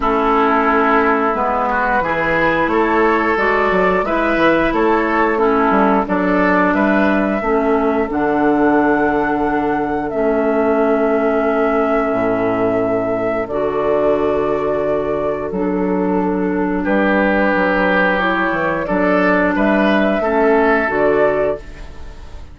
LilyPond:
<<
  \new Staff \with { instrumentName = "flute" } { \time 4/4 \tempo 4 = 89 a'2 b'2 | cis''4 d''4 e''4 cis''4 | a'4 d''4 e''2 | fis''2. e''4~ |
e''1 | d''2. a'4~ | a'4 b'2 cis''4 | d''4 e''2 d''4 | }
  \new Staff \with { instrumentName = "oboe" } { \time 4/4 e'2~ e'8 fis'8 gis'4 | a'2 b'4 a'4 | e'4 a'4 b'4 a'4~ | a'1~ |
a'1~ | a'1~ | a'4 g'2. | a'4 b'4 a'2 | }
  \new Staff \with { instrumentName = "clarinet" } { \time 4/4 cis'2 b4 e'4~ | e'4 fis'4 e'2 | cis'4 d'2 cis'4 | d'2. cis'4~ |
cis'1 | fis'2. d'4~ | d'2. e'4 | d'2 cis'4 fis'4 | }
  \new Staff \with { instrumentName = "bassoon" } { \time 4/4 a2 gis4 e4 | a4 gis8 fis8 gis8 e8 a4~ | a8 g8 fis4 g4 a4 | d2. a4~ |
a2 a,2 | d2. fis4~ | fis4 g4 fis4. e8 | fis4 g4 a4 d4 | }
>>